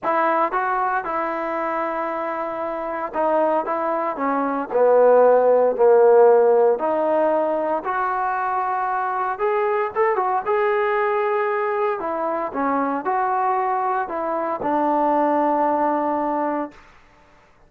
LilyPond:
\new Staff \with { instrumentName = "trombone" } { \time 4/4 \tempo 4 = 115 e'4 fis'4 e'2~ | e'2 dis'4 e'4 | cis'4 b2 ais4~ | ais4 dis'2 fis'4~ |
fis'2 gis'4 a'8 fis'8 | gis'2. e'4 | cis'4 fis'2 e'4 | d'1 | }